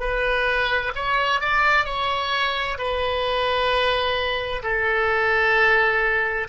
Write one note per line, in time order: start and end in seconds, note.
0.00 0.92 B4
0.95 1.41 C#5
1.41 1.85 D5
1.85 2.78 C#5
2.78 4.63 B4
4.63 6.48 A4